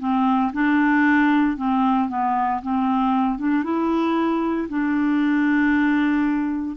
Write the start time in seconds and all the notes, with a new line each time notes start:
0.00 C4
0.53 D4
1.57 C4
2.10 B3
2.63 C4
3.39 D4
3.64 E4
4.69 D4